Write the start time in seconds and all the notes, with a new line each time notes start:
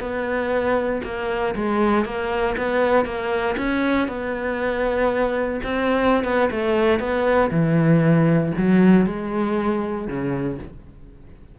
0.00 B3
1.04 A#3
1.55 G#3
2.05 A#3
2.57 B3
3.05 A#3
3.57 C#4
4.08 B3
5.63 C4
6.24 B3
6.51 A3
7.00 B3
7.51 E3
8.58 F#3
9.06 G#3
10.08 C#3